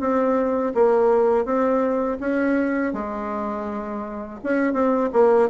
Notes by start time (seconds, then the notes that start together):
0.00 C4
0.74 A#3
1.45 C4
2.20 C#4
2.93 G#3
4.43 C#4
4.73 C4
5.13 A#3